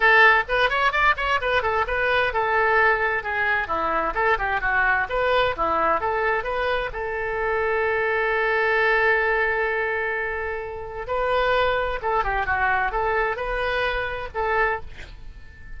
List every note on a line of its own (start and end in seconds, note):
0.00 0.44 A4
0.48 0.69 B4
0.69 0.91 C#5
0.91 1.15 D5
1.16 1.40 C#5
1.41 1.62 B4
1.62 1.85 A4
1.87 2.33 B4
2.33 3.23 A4
3.23 3.67 G#4
3.67 4.13 E4
4.14 4.37 A4
4.38 4.60 G4
4.60 5.07 F#4
5.09 5.55 B4
5.56 6.00 E4
6.00 6.43 A4
6.43 6.90 B4
6.93 11.07 A4
11.07 11.99 B4
12.02 12.23 A4
12.23 12.46 G4
12.46 12.91 F#4
12.91 13.36 A4
13.36 14.28 B4
14.34 14.80 A4